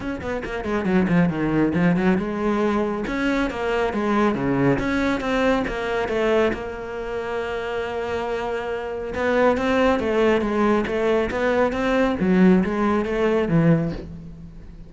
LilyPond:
\new Staff \with { instrumentName = "cello" } { \time 4/4 \tempo 4 = 138 cis'8 b8 ais8 gis8 fis8 f8 dis4 | f8 fis8 gis2 cis'4 | ais4 gis4 cis4 cis'4 | c'4 ais4 a4 ais4~ |
ais1~ | ais4 b4 c'4 a4 | gis4 a4 b4 c'4 | fis4 gis4 a4 e4 | }